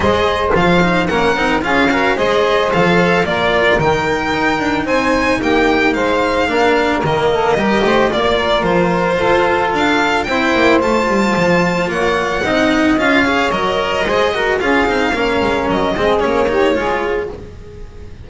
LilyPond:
<<
  \new Staff \with { instrumentName = "violin" } { \time 4/4 \tempo 4 = 111 dis''4 f''4 fis''4 f''4 | dis''4 f''4 d''4 g''4~ | g''4 gis''4 g''4 f''4~ | f''4 dis''2 d''4 |
c''2 f''4 g''4 | a''2 fis''2 | f''4 dis''2 f''4~ | f''4 dis''4 cis''2 | }
  \new Staff \with { instrumentName = "saxophone" } { \time 4/4 c''2 ais'4 gis'8 ais'8 | c''2 ais'2~ | ais'4 c''4 g'4 c''4 | ais'4. a'8 ais'8 c''8 d''8 ais'8~ |
ais'4 a'2 c''4~ | c''2 cis''4 dis''4~ | dis''8 cis''4. c''8 ais'8 gis'4 | ais'4. gis'4 g'8 gis'4 | }
  \new Staff \with { instrumentName = "cello" } { \time 4/4 gis'4 f'8 dis'8 cis'8 dis'8 f'8 fis'8 | gis'4 a'4 f'4 dis'4~ | dis'1 | d'4 ais4 g'4 f'4~ |
f'2. e'4 | f'2. dis'4 | f'8 gis'8 ais'4 gis'8 fis'8 f'8 dis'8 | cis'4. c'8 cis'8 dis'8 f'4 | }
  \new Staff \with { instrumentName = "double bass" } { \time 4/4 gis4 f4 ais8 c'8 cis'4 | gis4 f4 ais4 dis4 | dis'8 d'8 c'4 ais4 gis4 | ais4 dis4 g8 a8 ais4 |
f4 f'4 d'4 c'8 ais8 | a8 g8 f4 ais4 c'4 | cis'4 fis4 gis4 cis'8 c'8 | ais8 gis8 fis8 gis8 ais4 gis4 | }
>>